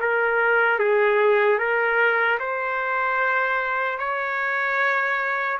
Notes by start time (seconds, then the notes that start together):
0.00 A#4
0.79 G#4
1.58 A#4
2.39 C5
3.98 C#5